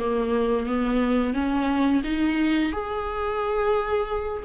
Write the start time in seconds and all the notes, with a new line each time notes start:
0.00 A#3
0.67 B3
1.34 C#4
2.04 D#4
2.73 G#4